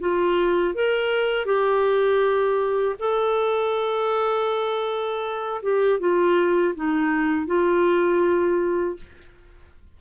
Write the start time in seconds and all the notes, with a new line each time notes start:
0.00 F4
0.74 A#4
1.45 G4
2.99 A4
5.62 G4
5.99 F4
6.75 D#4
7.46 F4